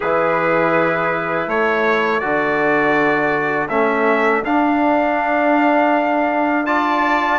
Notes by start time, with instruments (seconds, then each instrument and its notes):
0.00 bassoon E3, trombone E4, trumpet G#4 B4
1.47 bassoon A3, trumpet A4 C#5
2.19 bassoon D3, trombone F#4, trumpet D5
3.69 bassoon A3, trombone C#4, trumpet E5
4.44 bassoon D4, trombone D4, trumpet F5
6.66 trombone F4, trumpet D5 A5